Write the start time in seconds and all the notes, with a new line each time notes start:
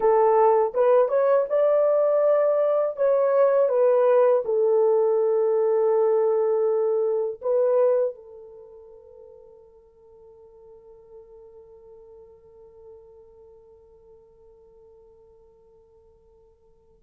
0.00 A4
0.74 B4
1.08 C#5
1.48 D5
2.96 C#5
3.68 B4
4.44 A4
7.41 B4
8.14 A4